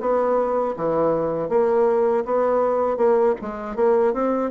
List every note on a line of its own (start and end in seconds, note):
0.00 0.75 B3
0.77 1.49 E3
1.49 2.24 A#3
2.25 2.97 B3
2.97 3.34 A#3
3.42 3.76 G#3
3.76 4.13 A#3
4.13 4.51 C4